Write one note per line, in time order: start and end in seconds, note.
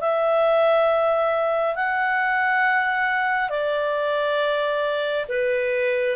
0.00 1.75 E5
1.75 3.49 F#5
3.49 5.26 D5
5.29 6.16 B4